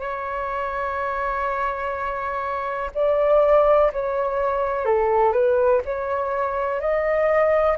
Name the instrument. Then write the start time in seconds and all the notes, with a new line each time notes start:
flute
0.00 C#5
2.95 D5
3.92 C#5
4.85 A4
5.32 B4
5.85 C#5
6.80 D#5